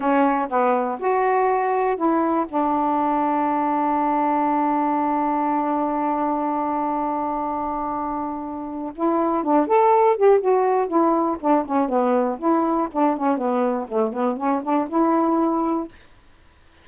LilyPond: \new Staff \with { instrumentName = "saxophone" } { \time 4/4 \tempo 4 = 121 cis'4 b4 fis'2 | e'4 d'2.~ | d'1~ | d'1~ |
d'2 e'4 d'8 a'8~ | a'8 g'8 fis'4 e'4 d'8 cis'8 | b4 e'4 d'8 cis'8 b4 | a8 b8 cis'8 d'8 e'2 | }